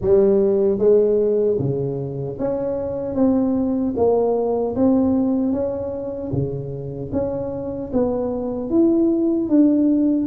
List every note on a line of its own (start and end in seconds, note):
0.01 0.78 G3
0.78 1.57 G#3
1.59 2.38 C#3
2.39 3.14 C#4
3.14 3.93 C4
3.96 4.75 A#3
4.75 5.52 C4
5.52 6.31 C#4
6.32 7.11 C#3
7.12 7.91 C#4
7.93 8.69 B3
8.69 9.48 E4
9.48 10.27 D4